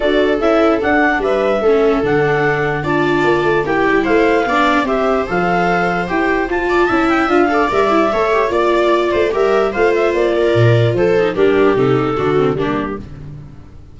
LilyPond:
<<
  \new Staff \with { instrumentName = "clarinet" } { \time 4/4 \tempo 4 = 148 d''4 e''4 fis''4 e''4~ | e''4 fis''2 a''4~ | a''4 g''4 f''2 | e''4 f''2 g''4 |
a''4. g''8 f''4 e''4~ | e''4 d''2 e''4 | f''8 e''8 d''2 c''4 | ais'4 a'2 g'4 | }
  \new Staff \with { instrumentName = "viola" } { \time 4/4 a'2. b'4 | a'2. d''4~ | d''4 g'4 c''4 d''4 | c''1~ |
c''8 d''8 e''4. d''4. | cis''4 d''4. c''8 ais'4 | c''4. ais'4. a'4 | g'2 fis'4 d'4 | }
  \new Staff \with { instrumentName = "viola" } { \time 4/4 fis'4 e'4 d'2 | cis'4 d'2 f'4~ | f'4 e'2 d'4 | g'4 a'2 g'4 |
f'4 e'4 f'8 a'8 ais'8 e'8 | a'8 g'8 f'2 g'4 | f'2.~ f'8 dis'8 | d'4 dis'4 d'8 c'8 ais4 | }
  \new Staff \with { instrumentName = "tuba" } { \time 4/4 d'4 cis'4 d'4 g4 | a4 d2 d'4 | ais8 a8 ais8 g8 a4 b4 | c'4 f2 e'4 |
f'4 cis'4 d'4 g4 | a4 ais4. a8 g4 | a4 ais4 ais,4 f4 | g4 c4 d4 g4 | }
>>